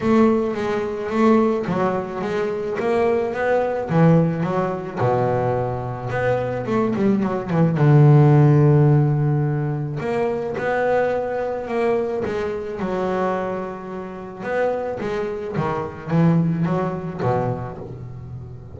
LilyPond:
\new Staff \with { instrumentName = "double bass" } { \time 4/4 \tempo 4 = 108 a4 gis4 a4 fis4 | gis4 ais4 b4 e4 | fis4 b,2 b4 | a8 g8 fis8 e8 d2~ |
d2 ais4 b4~ | b4 ais4 gis4 fis4~ | fis2 b4 gis4 | dis4 e4 fis4 b,4 | }